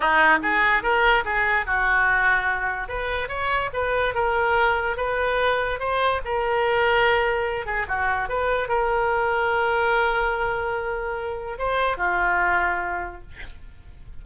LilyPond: \new Staff \with { instrumentName = "oboe" } { \time 4/4 \tempo 4 = 145 dis'4 gis'4 ais'4 gis'4 | fis'2. b'4 | cis''4 b'4 ais'2 | b'2 c''4 ais'4~ |
ais'2~ ais'8 gis'8 fis'4 | b'4 ais'2.~ | ais'1 | c''4 f'2. | }